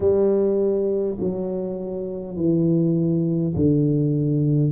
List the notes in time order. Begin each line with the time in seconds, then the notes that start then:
0.00 G3
1.20 F#3
2.36 E3
3.56 D3